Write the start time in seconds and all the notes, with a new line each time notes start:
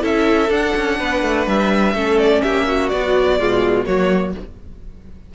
0.00 C#4 E4 A4 E5
0.49 D4 F#5
0.76 C#4
0.98 B3 B4
1.23 A3
1.47 G3 E5
1.94 A3 C#4 A4
2.19 D5
2.42 A#3 G4 E5
2.67 F#4
2.89 F#3 B3 D5
3.39 B2 G#3 F4
3.85 F#3 A#3 F#4 C#5